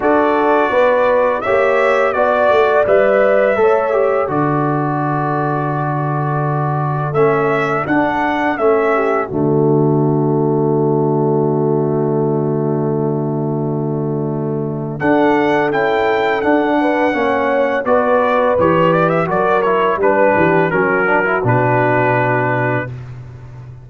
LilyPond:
<<
  \new Staff \with { instrumentName = "trumpet" } { \time 4/4 \tempo 4 = 84 d''2 e''4 d''4 | e''2 d''2~ | d''2 e''4 fis''4 | e''4 d''2.~ |
d''1~ | d''4 fis''4 g''4 fis''4~ | fis''4 d''4 cis''8 d''16 e''16 d''8 cis''8 | b'4 ais'4 b'2 | }
  \new Staff \with { instrumentName = "horn" } { \time 4/4 a'4 b'4 cis''4 d''4~ | d''4 cis''4 a'2~ | a'1~ | a'8 g'8 fis'2.~ |
fis'1~ | fis'4 a'2~ a'8 b'8 | cis''4 b'2 ais'4 | b'8 g'8 fis'2. | }
  \new Staff \with { instrumentName = "trombone" } { \time 4/4 fis'2 g'4 fis'4 | b'4 a'8 g'8 fis'2~ | fis'2 cis'4 d'4 | cis'4 a2.~ |
a1~ | a4 d'4 e'4 d'4 | cis'4 fis'4 g'4 fis'8 e'8 | d'4 cis'8 d'16 e'16 d'2 | }
  \new Staff \with { instrumentName = "tuba" } { \time 4/4 d'4 b4 ais4 b8 a8 | g4 a4 d2~ | d2 a4 d'4 | a4 d2.~ |
d1~ | d4 d'4 cis'4 d'4 | ais4 b4 e4 fis4 | g8 e8 fis4 b,2 | }
>>